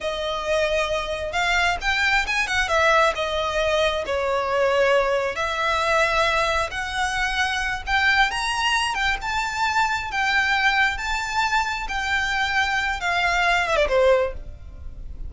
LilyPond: \new Staff \with { instrumentName = "violin" } { \time 4/4 \tempo 4 = 134 dis''2. f''4 | g''4 gis''8 fis''8 e''4 dis''4~ | dis''4 cis''2. | e''2. fis''4~ |
fis''4. g''4 ais''4. | g''8 a''2 g''4.~ | g''8 a''2 g''4.~ | g''4 f''4. e''16 d''16 c''4 | }